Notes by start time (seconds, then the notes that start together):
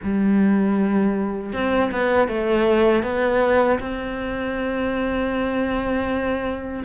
0.03 G3
1.53 C4
1.91 B3
2.28 A3
3.02 B3
3.79 C4